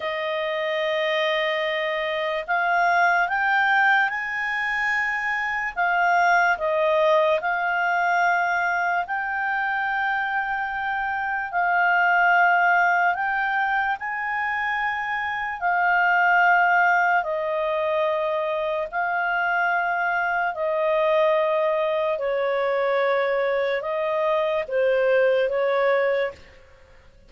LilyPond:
\new Staff \with { instrumentName = "clarinet" } { \time 4/4 \tempo 4 = 73 dis''2. f''4 | g''4 gis''2 f''4 | dis''4 f''2 g''4~ | g''2 f''2 |
g''4 gis''2 f''4~ | f''4 dis''2 f''4~ | f''4 dis''2 cis''4~ | cis''4 dis''4 c''4 cis''4 | }